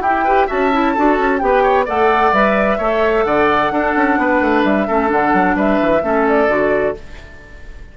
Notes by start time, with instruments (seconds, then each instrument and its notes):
0.00 bassoon E4, clarinet E4, oboe G4, flute G5
0.24 clarinet G4, oboe B4
0.47 bassoon C#4, clarinet F#4, oboe E5, flute A5
0.72 clarinet E4
0.93 bassoon D4, clarinet F#4, oboe A4
1.18 bassoon C#4
1.38 bassoon B3, clarinet G4, flute G5
1.45 oboe B4
1.63 oboe C#5
1.85 bassoon A3, clarinet A4, oboe D5, flute F#5
2.32 bassoon G3, clarinet B4, flute E5
2.77 bassoon A3, clarinet A4, oboe C#5
3.24 bassoon D3, oboe D5, flute F#5
3.70 bassoon D4, clarinet D4, oboe A4
3.96 bassoon C#4
4.17 bassoon B3, oboe B4
4.41 bassoon A3
4.63 bassoon G3, flute E5
4.87 bassoon A3, clarinet C#4, oboe A4
5.07 bassoon D3, clarinet D4, flute F#5
5.33 bassoon F#3
5.55 bassoon G3, oboe B4, flute E5
5.81 bassoon E3
6.02 bassoon A3, clarinet C#4, oboe A4
6.28 flute D5
6.48 bassoon D3, clarinet F#4